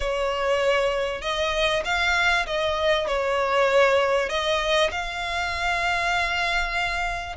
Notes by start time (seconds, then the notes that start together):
0.00 C#5
1.21 D#5
1.85 F5
2.46 D#5
3.07 C#5
4.29 D#5
4.91 F5